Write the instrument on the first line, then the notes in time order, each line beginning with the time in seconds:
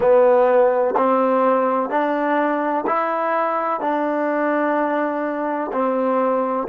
trombone
0.00 B3
0.96 C4
1.89 D4
2.86 E4
3.80 D4
5.72 C4